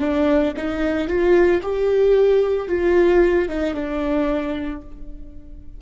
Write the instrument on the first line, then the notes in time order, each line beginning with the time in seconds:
viola
0.00 D4
0.56 D#4
1.08 F4
1.62 G4
2.68 F4
3.49 D#4
3.75 D4